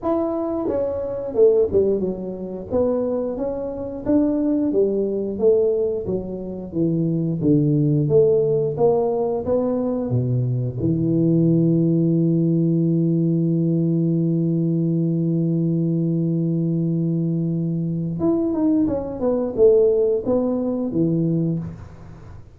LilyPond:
\new Staff \with { instrumentName = "tuba" } { \time 4/4 \tempo 4 = 89 e'4 cis'4 a8 g8 fis4 | b4 cis'4 d'4 g4 | a4 fis4 e4 d4 | a4 ais4 b4 b,4 |
e1~ | e1~ | e2. e'8 dis'8 | cis'8 b8 a4 b4 e4 | }